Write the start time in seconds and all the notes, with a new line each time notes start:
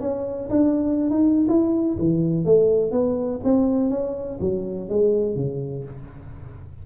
0.00 C#4
0.50 D4
1.10 D#4
1.48 E4
1.99 E3
2.45 A3
2.91 B3
3.44 C4
3.90 C#4
4.40 F#3
4.89 G#3
5.35 C#3